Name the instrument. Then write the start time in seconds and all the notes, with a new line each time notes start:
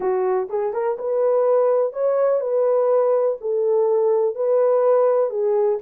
horn
0.00 F#4
0.49 G#4
0.73 A#4
0.98 B4
1.92 C#5
2.40 B4
3.40 A4
4.35 B4
5.30 G#4